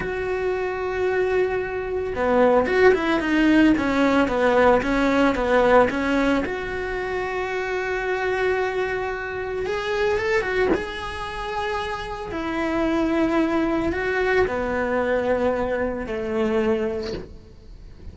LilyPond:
\new Staff \with { instrumentName = "cello" } { \time 4/4 \tempo 4 = 112 fis'1 | b4 fis'8 e'8 dis'4 cis'4 | b4 cis'4 b4 cis'4 | fis'1~ |
fis'2 gis'4 a'8 fis'8 | gis'2. e'4~ | e'2 fis'4 b4~ | b2 a2 | }